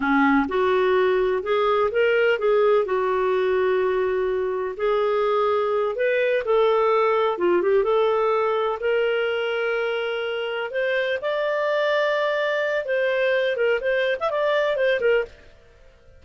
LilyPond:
\new Staff \with { instrumentName = "clarinet" } { \time 4/4 \tempo 4 = 126 cis'4 fis'2 gis'4 | ais'4 gis'4 fis'2~ | fis'2 gis'2~ | gis'8 b'4 a'2 f'8 |
g'8 a'2 ais'4.~ | ais'2~ ais'8 c''4 d''8~ | d''2. c''4~ | c''8 ais'8 c''8. e''16 d''4 c''8 ais'8 | }